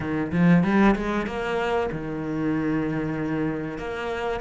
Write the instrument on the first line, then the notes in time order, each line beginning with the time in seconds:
cello
0.00 D#3
0.32 F3
0.63 G3
0.95 G#3
1.26 A#3
1.91 D#3
3.78 A#3